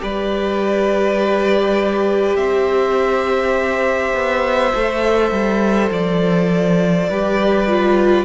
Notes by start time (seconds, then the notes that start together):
0.00 G3 G4 B4 D5
2.37 C4 C5 E5
4.14 B3
4.75 A3 A4
5.32 G3
5.91 F3 D5
7.10 G3 G4 B4
7.68 F4